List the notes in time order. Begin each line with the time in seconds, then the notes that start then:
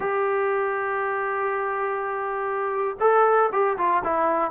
0.00 G4
3.00 A4
3.52 G4
3.77 F4
4.03 E4